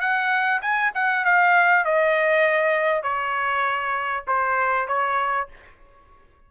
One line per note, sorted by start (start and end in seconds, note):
0.00 0.61 F#5
0.61 0.91 G#5
0.94 1.25 F#5
1.25 1.85 F5
1.85 3.02 D#5
3.02 4.24 C#5
4.27 4.87 C5
4.87 5.48 C#5